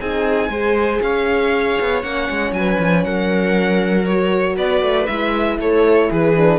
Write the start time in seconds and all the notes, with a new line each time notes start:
0.00 C4 D#4 G#4 G#5
0.49 G#3 G#4 C5
1.02 C#4 C#5 F5
1.81 B3
2.02 A#3 C#4 F#5
2.30 G#3
2.52 F#3 B4 G#5
2.80 F3
3.04 F#3 A#4 F#5
4.05 F#4 C#5
4.56 B3 B4 D5
4.82 A3
5.07 G#3 E4 E5
5.59 A3 A4 C#5
6.10 E3 G#4 B4
6.36 D4